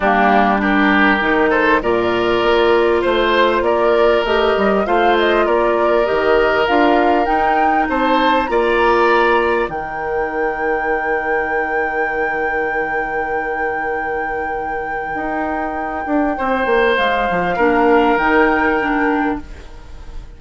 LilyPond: <<
  \new Staff \with { instrumentName = "flute" } { \time 4/4 \tempo 4 = 99 g'4 ais'4. c''8 d''4~ | d''4 c''4 d''4 dis''4 | f''8 dis''8 d''4 dis''4 f''4 | g''4 a''4 ais''2 |
g''1~ | g''1~ | g''1 | f''2 g''2 | }
  \new Staff \with { instrumentName = "oboe" } { \time 4/4 d'4 g'4. a'8 ais'4~ | ais'4 c''4 ais'2 | c''4 ais'2.~ | ais'4 c''4 d''2 |
ais'1~ | ais'1~ | ais'2. c''4~ | c''4 ais'2. | }
  \new Staff \with { instrumentName = "clarinet" } { \time 4/4 ais4 d'4 dis'4 f'4~ | f'2. g'4 | f'2 g'4 f'4 | dis'2 f'2 |
dis'1~ | dis'1~ | dis'1~ | dis'4 d'4 dis'4 d'4 | }
  \new Staff \with { instrumentName = "bassoon" } { \time 4/4 g2 dis4 ais,4 | ais4 a4 ais4 a8 g8 | a4 ais4 dis4 d'4 | dis'4 c'4 ais2 |
dis1~ | dis1~ | dis4 dis'4. d'8 c'8 ais8 | gis8 f8 ais4 dis2 | }
>>